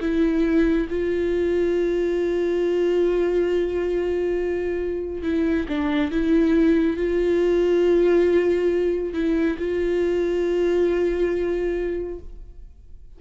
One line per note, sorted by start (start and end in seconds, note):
0.00 0.87 E4
0.89 5.23 F4
5.23 5.66 E4
5.68 6.11 D4
6.11 6.96 E4
6.96 9.13 F4
9.13 9.57 E4
9.58 12.19 F4